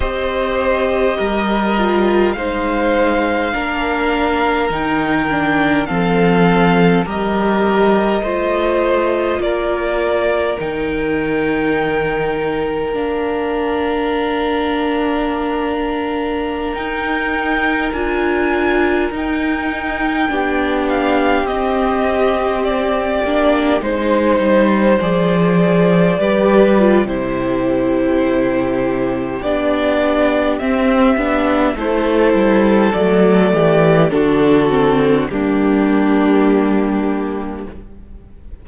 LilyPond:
<<
  \new Staff \with { instrumentName = "violin" } { \time 4/4 \tempo 4 = 51 dis''2 f''2 | g''4 f''4 dis''2 | d''4 g''2 f''4~ | f''2~ f''16 g''4 gis''8.~ |
gis''16 g''4. f''8 dis''4 d''8.~ | d''16 c''4 d''4.~ d''16 c''4~ | c''4 d''4 e''4 c''4 | d''4 a'4 g'2 | }
  \new Staff \with { instrumentName = "violin" } { \time 4/4 c''4 ais'4 c''4 ais'4~ | ais'4 a'4 ais'4 c''4 | ais'1~ | ais'1~ |
ais'4~ ais'16 g'2~ g'8.~ | g'16 c''2 b'8. g'4~ | g'2. a'4~ | a'8 g'8 fis'4 d'2 | }
  \new Staff \with { instrumentName = "viola" } { \time 4/4 g'4. f'8 dis'4 d'4 | dis'8 d'8 c'4 g'4 f'4~ | f'4 dis'2 d'4~ | d'2~ d'16 dis'4 f'8.~ |
f'16 dis'4 d'4 c'4. d'16~ | d'16 dis'4 gis'4 g'8 f'16 e'4~ | e'4 d'4 c'8 d'8 e'4 | a4 d'8 c'8 ais2 | }
  \new Staff \with { instrumentName = "cello" } { \time 4/4 c'4 g4 gis4 ais4 | dis4 f4 g4 a4 | ais4 dis2 ais4~ | ais2~ ais16 dis'4 d'8.~ |
d'16 dis'4 b4 c'4. ais16~ | ais16 gis8 g8 f4 g8. c4~ | c4 b4 c'8 b8 a8 g8 | fis8 e8 d4 g2 | }
>>